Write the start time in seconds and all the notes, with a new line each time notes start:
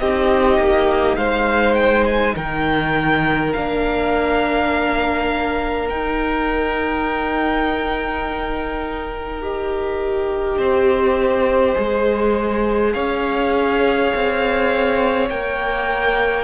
0.00 C4 D#4 G4 D#5
0.59 A#3
1.17 G#3 C5 F5
1.75 G5
2.06 G#5
2.36 D#3 A#4 G5
3.53 A#3 D4 F5
5.89 D#4 G5
9.42 G4 D#5
10.58 C4 C5
11.76 G#3 G#4
12.93 C#4 C#5 F5
14.15 C4
15.30 A#3 A#4 G5